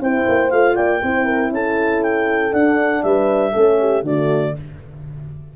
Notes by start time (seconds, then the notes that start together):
0.00 C4 E4 C5 G5
0.29 A#3
0.50 A3 F4 F5
0.75 A#3 D5 G5
1.02 C4 E4 C5
1.25 A#4
1.51 C#4 A4 A5
2.02 G5
2.52 D4 F#5
3.03 G3 B4 E5
3.51 A3 C#4 A4
3.80 G4
4.02 D3 A3 F#4 D5